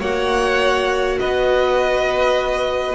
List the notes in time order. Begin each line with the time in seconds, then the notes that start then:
0.00 A#3 F#4 C#5 F#5
1.20 B3 B4 D#5